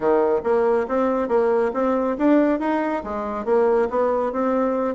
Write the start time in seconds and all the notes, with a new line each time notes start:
0.00 D#3
0.43 A#3
0.88 C4
1.28 A#3
1.73 C4
2.18 D4
2.59 D#4
3.03 G#3
3.45 A#3
3.90 B3
4.32 C4